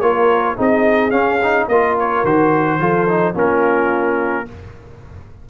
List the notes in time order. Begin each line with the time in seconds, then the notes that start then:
0.00 A#3 F4 A#4 C#5
0.56 C4 D#4 G#4 D#5
1.11 C#4 F5
1.42 D#4
1.68 A#3 F4 A#4 D#5
1.99 C#5
2.23 D#3 F#4 C5
2.79 F3 F4 A4
3.08 D#4
3.34 A#3 C#4 F4 A#4